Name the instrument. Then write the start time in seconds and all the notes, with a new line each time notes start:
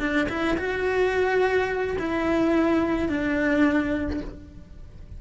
cello
0.00 D4
0.29 E4
0.58 F#4
1.99 E4
3.09 D4